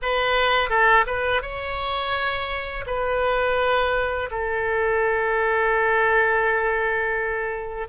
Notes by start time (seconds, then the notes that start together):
0.02 B4
0.69 A4
1.06 B4
1.42 C#5
2.86 B4
4.30 A4